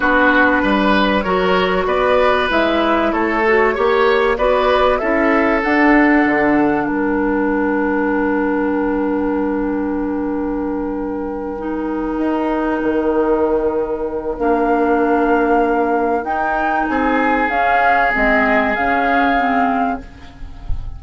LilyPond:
<<
  \new Staff \with { instrumentName = "flute" } { \time 4/4 \tempo 4 = 96 b'2 cis''4 d''4 | e''4 cis''2 d''4 | e''4 fis''2 g''4~ | g''1~ |
g''1~ | g''2. f''4~ | f''2 g''4 gis''4 | f''4 dis''4 f''2 | }
  \new Staff \with { instrumentName = "oboe" } { \time 4/4 fis'4 b'4 ais'4 b'4~ | b'4 a'4 cis''4 b'4 | a'2. ais'4~ | ais'1~ |
ais'1~ | ais'1~ | ais'2. gis'4~ | gis'1 | }
  \new Staff \with { instrumentName = "clarinet" } { \time 4/4 d'2 fis'2 | e'4. fis'8 g'4 fis'4 | e'4 d'2.~ | d'1~ |
d'2~ d'8 dis'4.~ | dis'2. d'4~ | d'2 dis'2 | cis'4 c'4 cis'4 c'4 | }
  \new Staff \with { instrumentName = "bassoon" } { \time 4/4 b4 g4 fis4 b4 | gis4 a4 ais4 b4 | cis'4 d'4 d4 g4~ | g1~ |
g2.~ g8 dis'8~ | dis'8 dis2~ dis8 ais4~ | ais2 dis'4 c'4 | cis'4 gis4 cis2 | }
>>